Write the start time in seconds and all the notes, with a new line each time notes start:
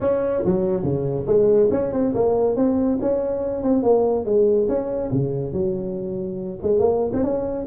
0.01 C#4
0.45 F#3
0.83 C#3
1.27 G#3
1.71 C#4
1.92 C4
2.14 A#3
2.56 C4
3.01 C#4
3.62 C4
3.82 A#3
4.25 G#3
4.68 C#4
5.12 C#3
5.52 F#3
6.62 G#3
6.79 A#3
7.13 C4
7.23 C#4